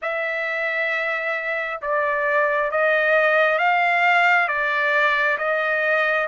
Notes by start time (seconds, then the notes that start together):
0.02 E5
1.81 D5
2.71 D#5
3.58 F5
4.48 D5
5.37 D#5